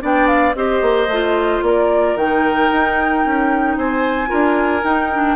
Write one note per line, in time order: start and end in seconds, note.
0.00 0.55 B3
0.00 0.54 D4
0.00 0.55 D5
0.00 0.27 G5
0.27 0.54 F5
0.55 0.82 C4
0.55 1.09 G4
0.55 1.64 C5
0.55 1.63 D#5
0.82 1.08 A#3
1.08 1.61 A3
1.08 2.19 F4
1.62 2.15 A#3
1.62 3.77 A#4
1.62 2.17 D5
2.15 2.69 D#3
2.15 4.27 D#4
2.15 3.78 G5
2.72 3.25 D#4
3.25 3.77 C#4
3.77 4.31 C4
3.77 4.29 C5
3.77 4.85 G#5
4.27 4.83 D4
4.27 4.81 F4
4.27 5.36 A#4
4.83 5.36 D#4
4.83 5.11 D#4
4.83 5.36 G5
5.12 5.36 D4